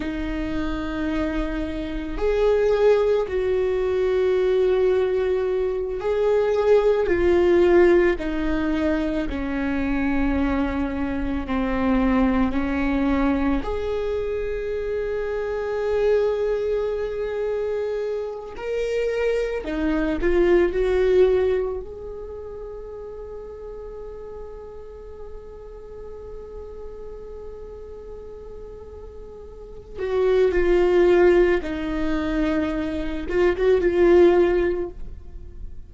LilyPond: \new Staff \with { instrumentName = "viola" } { \time 4/4 \tempo 4 = 55 dis'2 gis'4 fis'4~ | fis'4. gis'4 f'4 dis'8~ | dis'8 cis'2 c'4 cis'8~ | cis'8 gis'2.~ gis'8~ |
gis'4 ais'4 dis'8 f'8 fis'4 | gis'1~ | gis'2.~ gis'8 fis'8 | f'4 dis'4. f'16 fis'16 f'4 | }